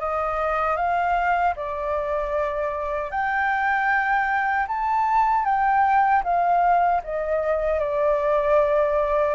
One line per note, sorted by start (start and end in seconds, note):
0.00 0.77 D#5
0.77 1.55 F5
1.57 3.11 D5
3.11 4.67 G5
4.68 5.45 A5
5.45 6.23 G5
6.24 7.02 F5
7.04 7.80 D#5
7.80 9.35 D5